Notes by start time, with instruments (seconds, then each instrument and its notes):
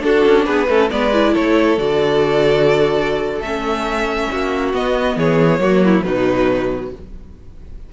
0.00 viola D4, cello D4, violin F#4 A4
0.26 cello C#4
0.46 cello B3, violin G#4 B4
0.68 cello A3, viola C#4, violin A4
0.90 cello G#3, viola B3, violin B4 D5
1.13 viola E4
1.33 cello A3, violin A4 C#5
1.78 cello D3, viola F#4, violin D5
3.40 cello A3, viola C#4, violin E5
4.31 cello A#3, violin F#4
4.73 cello B3, viola B3, violin D#5
5.16 cello E3, violin G#4 C#5
5.59 cello F#3, viola A#3, violin F#4
5.85 violin E4
6.03 cello B2, viola F#3, violin D#4 B4